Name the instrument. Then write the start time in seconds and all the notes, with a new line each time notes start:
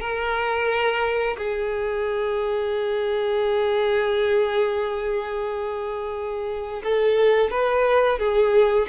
violin
0.00 A#4
1.37 G#4
6.83 A4
7.50 B4
8.18 G#4